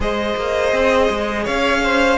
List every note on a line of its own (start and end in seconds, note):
0.00 0.36 G#3
0.00 2.18 G#4
0.00 1.44 C5
0.00 1.46 D#5
0.36 0.72 A#3
0.72 1.09 C4
1.10 1.46 G#3
1.44 2.18 C#4
1.44 1.80 C#5
1.44 2.18 F5
1.83 2.18 C5